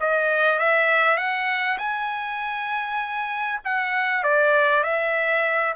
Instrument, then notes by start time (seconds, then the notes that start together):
trumpet
0.00 D#5
0.59 E5
1.17 F#5
1.78 G#5
3.64 F#5
4.23 D5
4.83 E5